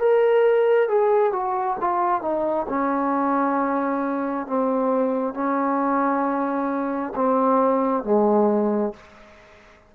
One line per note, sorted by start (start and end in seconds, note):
0.00 0.88 A#4
0.88 1.33 G#4
1.33 1.77 F#4
1.80 2.22 F4
2.22 2.67 D#4
2.69 4.47 C#4
4.47 5.34 C4
5.34 7.13 C#4
7.16 8.04 C4
8.04 8.93 G#3